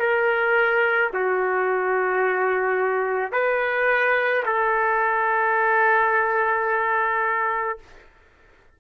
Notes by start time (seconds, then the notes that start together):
0.00 A#4
1.14 F#4
3.32 B4
4.46 A4